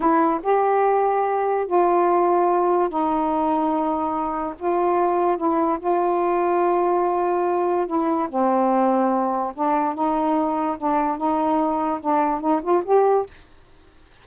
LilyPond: \new Staff \with { instrumentName = "saxophone" } { \time 4/4 \tempo 4 = 145 e'4 g'2. | f'2. dis'4~ | dis'2. f'4~ | f'4 e'4 f'2~ |
f'2. e'4 | c'2. d'4 | dis'2 d'4 dis'4~ | dis'4 d'4 dis'8 f'8 g'4 | }